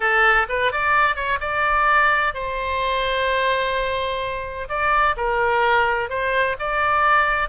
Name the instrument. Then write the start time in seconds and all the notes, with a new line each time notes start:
oboe
0.00 A4
0.48 B4
0.72 D5
1.15 C#5
1.40 D5
2.34 C5
4.69 D5
5.16 A#4
6.09 C5
6.59 D5